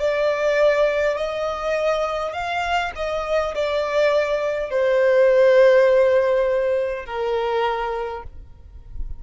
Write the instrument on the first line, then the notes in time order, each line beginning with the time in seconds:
violin
0.00 D5
1.18 D#5
2.33 F5
2.96 D#5
3.56 D5
4.71 C5
7.06 A#4